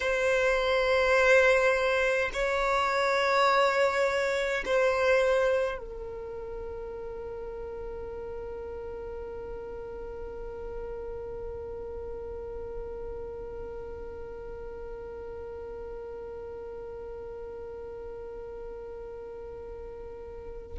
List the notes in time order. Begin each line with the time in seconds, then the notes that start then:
0.00 C5
2.33 C#5
4.65 C5
5.77 A#4